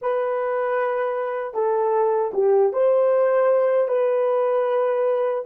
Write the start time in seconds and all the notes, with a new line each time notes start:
0.01 B4
1.53 A4
2.33 G4
2.73 C5
3.87 B4